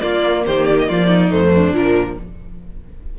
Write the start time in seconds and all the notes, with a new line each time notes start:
0.00 A#3 F4 D5
0.46 D#3 G4 C5
0.65 D5
0.79 D#5
0.88 F3 F4 D5
1.06 D#4
1.30 F2 A3 C5
1.54 D4
1.72 A#2 F3 A#4